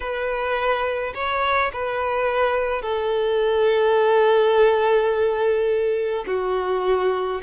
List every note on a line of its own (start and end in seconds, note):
0.00 1.13 B4
1.14 1.71 C#5
1.72 2.82 B4
2.82 6.24 A4
6.26 7.41 F#4